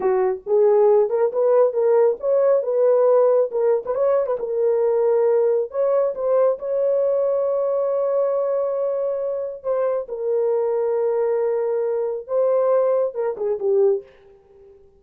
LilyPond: \new Staff \with { instrumentName = "horn" } { \time 4/4 \tempo 4 = 137 fis'4 gis'4. ais'8 b'4 | ais'4 cis''4 b'2 | ais'8. b'16 cis''8. b'16 ais'2~ | ais'4 cis''4 c''4 cis''4~ |
cis''1~ | cis''2 c''4 ais'4~ | ais'1 | c''2 ais'8 gis'8 g'4 | }